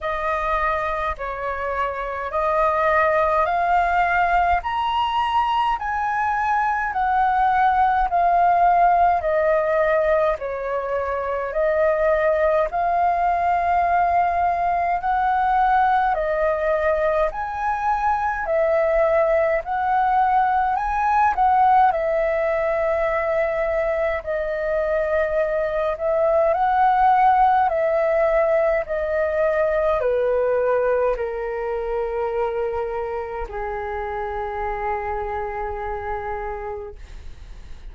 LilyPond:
\new Staff \with { instrumentName = "flute" } { \time 4/4 \tempo 4 = 52 dis''4 cis''4 dis''4 f''4 | ais''4 gis''4 fis''4 f''4 | dis''4 cis''4 dis''4 f''4~ | f''4 fis''4 dis''4 gis''4 |
e''4 fis''4 gis''8 fis''8 e''4~ | e''4 dis''4. e''8 fis''4 | e''4 dis''4 b'4 ais'4~ | ais'4 gis'2. | }